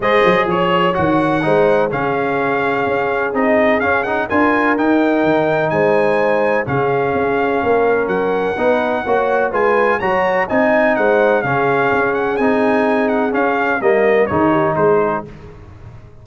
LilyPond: <<
  \new Staff \with { instrumentName = "trumpet" } { \time 4/4 \tempo 4 = 126 dis''4 cis''4 fis''2 | f''2. dis''4 | f''8 fis''8 gis''4 g''2 | gis''2 f''2~ |
f''4 fis''2. | gis''4 ais''4 gis''4 fis''4 | f''4. fis''8 gis''4. fis''8 | f''4 dis''4 cis''4 c''4 | }
  \new Staff \with { instrumentName = "horn" } { \time 4/4 c''4 cis''2 c''4 | gis'1~ | gis'4 ais'2. | c''2 gis'2 |
ais'2 b'4 cis''4 | b'4 cis''4 dis''4 c''4 | gis'1~ | gis'4 ais'4 gis'8 g'8 gis'4 | }
  \new Staff \with { instrumentName = "trombone" } { \time 4/4 gis'2 fis'4 dis'4 | cis'2. dis'4 | cis'8 dis'8 f'4 dis'2~ | dis'2 cis'2~ |
cis'2 dis'4 fis'4 | f'4 fis'4 dis'2 | cis'2 dis'2 | cis'4 ais4 dis'2 | }
  \new Staff \with { instrumentName = "tuba" } { \time 4/4 gis8 fis8 f4 dis4 gis4 | cis2 cis'4 c'4 | cis'4 d'4 dis'4 dis4 | gis2 cis4 cis'4 |
ais4 fis4 b4 ais4 | gis4 fis4 c'4 gis4 | cis4 cis'4 c'2 | cis'4 g4 dis4 gis4 | }
>>